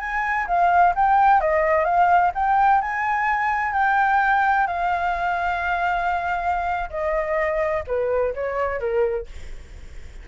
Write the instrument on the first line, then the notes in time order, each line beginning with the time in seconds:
flute
0.00 G#5
0.47 F5
0.96 G5
1.41 D#5
1.85 F5
2.35 G5
2.82 G#5
3.74 G5
4.67 F5
6.90 D#5
7.87 B4
8.35 C#5
8.80 A#4